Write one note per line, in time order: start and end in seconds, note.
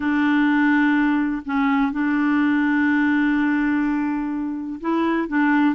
0.00 1.42 D4
1.45 1.92 C#4
1.92 4.80 D4
4.80 5.28 E4
5.28 5.75 D4